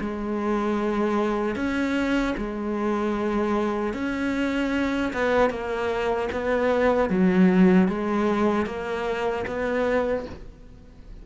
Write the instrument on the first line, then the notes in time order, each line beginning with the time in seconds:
cello
0.00 G#3
1.56 C#4
2.38 G#3
3.94 C#4
5.14 B3
5.50 A#3
6.32 B3
7.09 F#3
7.88 G#3
8.66 A#3
9.47 B3